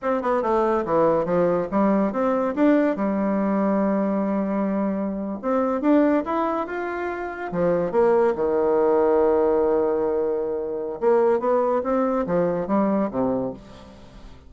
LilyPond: \new Staff \with { instrumentName = "bassoon" } { \time 4/4 \tempo 4 = 142 c'8 b8 a4 e4 f4 | g4 c'4 d'4 g4~ | g1~ | g8. c'4 d'4 e'4 f'16~ |
f'4.~ f'16 f4 ais4 dis16~ | dis1~ | dis2 ais4 b4 | c'4 f4 g4 c4 | }